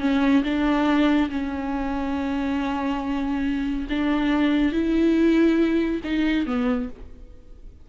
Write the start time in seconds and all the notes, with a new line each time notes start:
0.00 C#4
0.44 D4
1.30 C#4
3.89 D4
4.72 E4
6.04 D#4
6.46 B3